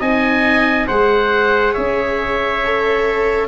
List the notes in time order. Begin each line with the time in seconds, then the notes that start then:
0.00 C4 D#4 D#5 G#5
0.88 G#3 G#4 C5 F#5
1.73 C#4 C#5 E5
2.65 A4